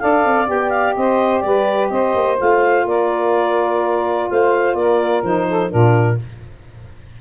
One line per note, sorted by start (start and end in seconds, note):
0.00 0.25 D4
0.00 0.46 A4
0.00 0.97 D5
0.00 0.48 F5
0.25 0.49 C4
0.46 0.97 B3
0.46 2.36 G4
0.46 0.70 G5
0.70 0.94 F5
0.96 1.43 C4
0.96 1.45 C5
0.96 1.40 D#5
1.40 1.91 G3
1.40 1.92 B4
1.40 1.88 D5
1.90 2.15 C4
1.90 2.87 C5
1.90 2.38 D#5
2.15 2.39 A#3
2.37 2.85 A3
2.37 5.23 F4
2.37 2.88 F5
2.85 4.28 A#3
2.85 4.30 A#4
2.85 4.30 D5
4.30 4.75 A3
4.30 4.77 C5
4.30 4.75 F5
4.75 5.22 A#3
4.75 5.48 A#4
4.75 5.23 D5
5.24 5.71 F3
5.24 5.70 D#4
5.24 5.72 C5
5.48 5.70 A4
5.70 6.21 A#2
5.70 6.18 D4
5.70 6.18 F4
5.70 6.19 A#4